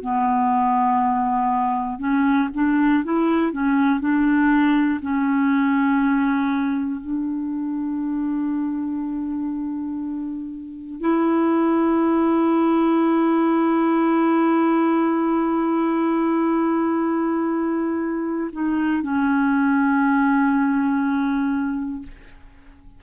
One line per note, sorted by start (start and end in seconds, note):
0.00 1.99 B3
1.99 2.49 C#4
2.54 3.04 D4
3.04 3.52 E4
3.52 4.00 C#4
4.00 5.00 D4
5.01 7.00 C#4
7.00 11.00 D4
11.00 18.50 E4
18.52 19.02 D#4
19.02 22.02 C#4